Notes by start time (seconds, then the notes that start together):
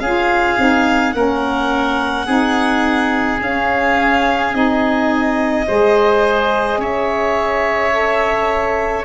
0.00 C#4 F4 G#4 F5
0.58 C4 D#4
1.13 A#3 C#4 A#4 F#5
2.26 C4 D#4 G#4
3.41 C#4 F5
4.53 C4 D#4 D#5
5.67 G#3 G#4 C5
6.78 C#4 C#5 E5
7.91 A4